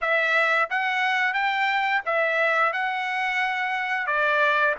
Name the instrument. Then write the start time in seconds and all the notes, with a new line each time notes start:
trumpet
0.01 E5
0.69 F#5
1.33 G5
2.05 E5
2.73 F#5
4.06 D5